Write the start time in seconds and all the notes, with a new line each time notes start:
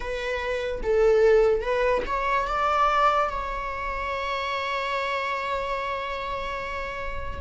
0.00 B4
0.82 A4
1.61 B4
2.06 C#5
2.47 D5
3.29 C#5